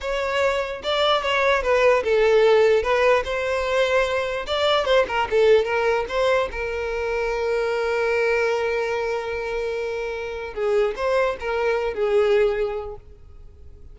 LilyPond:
\new Staff \with { instrumentName = "violin" } { \time 4/4 \tempo 4 = 148 cis''2 d''4 cis''4 | b'4 a'2 b'4 | c''2. d''4 | c''8 ais'8 a'4 ais'4 c''4 |
ais'1~ | ais'1~ | ais'2 gis'4 c''4 | ais'4. gis'2~ gis'8 | }